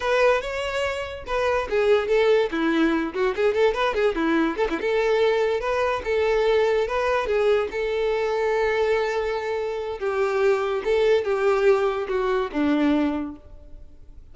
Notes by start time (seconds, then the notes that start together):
0.00 B4
0.41 C#5
1.26 B4
1.69 G#4
2.07 A4
2.51 E4
3.14 F#4
3.35 G#4
3.54 A4
3.73 B4
3.94 G#4
4.15 E4
4.57 A4
4.69 E4
4.80 A4
5.60 B4
6.04 A4
6.87 B4
7.26 G#4
7.71 A4
9.99 G4
10.84 A4
11.24 G4
12.08 F#4
12.52 D4